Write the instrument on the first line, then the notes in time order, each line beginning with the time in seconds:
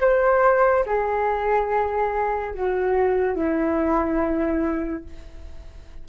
flute
0.00 C5
0.86 G#4
2.54 F#4
3.35 E4